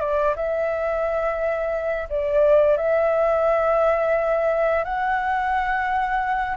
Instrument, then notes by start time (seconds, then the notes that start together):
flute
0.00 D5
0.35 E5
2.09 D5
2.77 E5
4.84 F#5